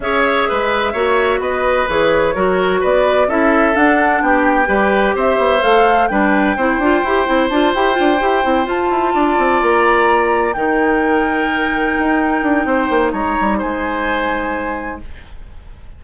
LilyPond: <<
  \new Staff \with { instrumentName = "flute" } { \time 4/4 \tempo 4 = 128 e''2. dis''4 | cis''2 d''4 e''4 | fis''4 g''2 e''4 | f''4 g''2. |
a''8 g''2 a''4.~ | a''8 ais''2 g''4.~ | g''1 | ais''4 gis''2. | }
  \new Staff \with { instrumentName = "oboe" } { \time 4/4 cis''4 b'4 cis''4 b'4~ | b'4 ais'4 b'4 a'4~ | a'4 g'4 b'4 c''4~ | c''4 b'4 c''2~ |
c''2.~ c''8 d''8~ | d''2~ d''8 ais'4.~ | ais'2. c''4 | cis''4 c''2. | }
  \new Staff \with { instrumentName = "clarinet" } { \time 4/4 gis'2 fis'2 | gis'4 fis'2 e'4 | d'2 g'2 | a'4 d'4 e'8 f'8 g'8 e'8 |
f'8 g'8 f'8 g'8 e'8 f'4.~ | f'2~ f'8 dis'4.~ | dis'1~ | dis'1 | }
  \new Staff \with { instrumentName = "bassoon" } { \time 4/4 cis'4 gis4 ais4 b4 | e4 fis4 b4 cis'4 | d'4 b4 g4 c'8 b8 | a4 g4 c'8 d'8 e'8 c'8 |
d'8 e'8 d'8 e'8 c'8 f'8 e'8 d'8 | c'8 ais2 dis4.~ | dis4. dis'4 d'8 c'8 ais8 | gis8 g8 gis2. | }
>>